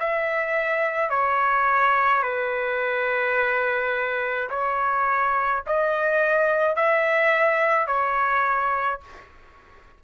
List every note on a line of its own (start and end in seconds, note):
0.00 1.10 E5
1.10 2.23 C#5
2.23 4.50 B4
4.50 5.63 C#5
5.67 6.76 D#5
6.76 7.87 E5
7.87 9.01 C#5